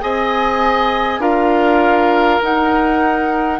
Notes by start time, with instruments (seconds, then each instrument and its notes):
0.00 bassoon C4, clarinet G#4, oboe D#5, flute G#5
1.19 bassoon D4, clarinet F4, oboe A#4, flute F5
2.42 clarinet D#4, bassoon D#4, flute F#5